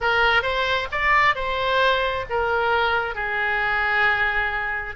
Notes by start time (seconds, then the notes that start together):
0.00 A#4
0.42 C5
0.91 D5
1.35 C5
2.29 A#4
3.15 G#4